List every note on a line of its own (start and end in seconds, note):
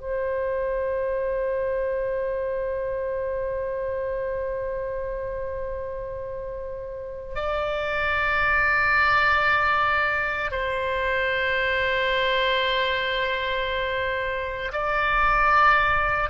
0.00 7.35 C5
7.35 10.51 D5
10.51 14.72 C5
14.72 16.30 D5